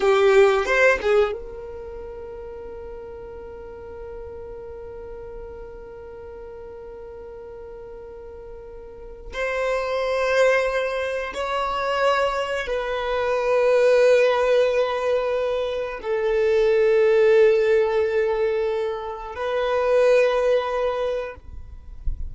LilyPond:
\new Staff \with { instrumentName = "violin" } { \time 4/4 \tempo 4 = 90 g'4 c''8 gis'8 ais'2~ | ais'1~ | ais'1~ | ais'2 c''2~ |
c''4 cis''2 b'4~ | b'1 | a'1~ | a'4 b'2. | }